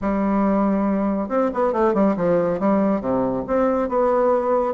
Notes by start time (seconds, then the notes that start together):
0.01 G3
1.28 C4
1.53 B3
1.72 A3
1.93 G3
2.16 F3
2.59 G3
3.01 C3
3.47 C4
3.88 B3